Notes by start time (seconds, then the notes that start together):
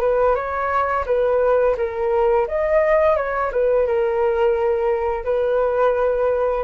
0.00 B4
0.35 C#5
1.06 B4
1.77 A#4
2.47 D#5
3.16 C#5
3.51 B4
3.86 A#4
5.24 B4